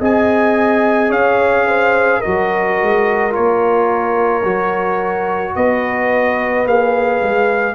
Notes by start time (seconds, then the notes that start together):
0.00 C4 G#4 D#5 G#5
1.10 C#4 C#5 F5
1.67 C5
2.20 F#4 A#4 D#5
2.27 F#3
2.82 G#3
3.31 A#3 F4 C#5
4.44 F#3 F#4
5.56 B3 B4 D#5
6.65 A#3 G#4 F5
7.22 G#3